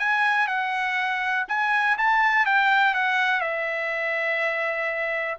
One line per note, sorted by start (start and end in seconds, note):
0.00 0.48 G#5
0.48 1.46 F#5
1.49 1.98 G#5
1.99 2.46 A5
2.46 2.95 G5
2.95 3.41 F#5
3.41 5.38 E5